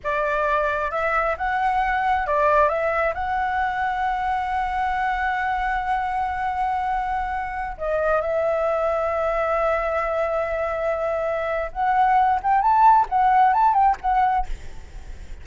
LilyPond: \new Staff \with { instrumentName = "flute" } { \time 4/4 \tempo 4 = 133 d''2 e''4 fis''4~ | fis''4 d''4 e''4 fis''4~ | fis''1~ | fis''1~ |
fis''4~ fis''16 dis''4 e''4.~ e''16~ | e''1~ | e''2 fis''4. g''8 | a''4 fis''4 a''8 g''8 fis''4 | }